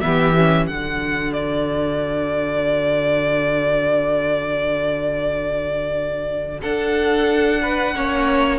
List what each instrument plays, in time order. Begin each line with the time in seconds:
0.00 cello E3, viola B3, violin G4 E5
0.37 viola C#4
0.67 cello D3, viola D4, violin F#4 F#5
1.33 violin D5
6.61 cello D4, violin A4 F#5
7.62 violin B4
7.94 cello A#3, viola C#4, violin C#5